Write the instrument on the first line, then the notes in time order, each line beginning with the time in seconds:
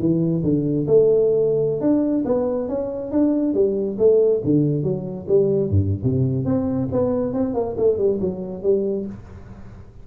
tuba
0.00 E3
0.43 D3
0.87 A3
1.81 D4
2.25 B3
2.69 C#4
3.12 D4
3.54 G3
3.98 A3
4.44 D3
4.83 F#3
5.28 G3
5.70 G2
6.04 C3
6.46 C4
6.92 B3
7.33 C4
7.54 A#3
7.78 A3
7.98 G3
8.21 F#3
8.63 G3